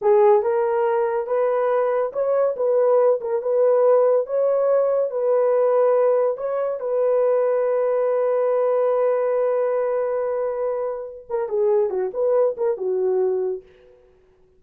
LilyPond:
\new Staff \with { instrumentName = "horn" } { \time 4/4 \tempo 4 = 141 gis'4 ais'2 b'4~ | b'4 cis''4 b'4. ais'8 | b'2 cis''2 | b'2. cis''4 |
b'1~ | b'1~ | b'2~ b'8 ais'8 gis'4 | fis'8 b'4 ais'8 fis'2 | }